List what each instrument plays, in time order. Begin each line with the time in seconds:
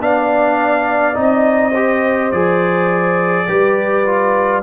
0.00 tuba B3, trombone D4, horn D5, trumpet F5
1.14 tuba C4, trombone D#4
1.21 trumpet D#5
1.71 trombone G4, horn C5
2.31 tuba F3, trombone G#4, trumpet D5
3.47 tuba G3, trombone G4, horn B4
4.05 trombone F4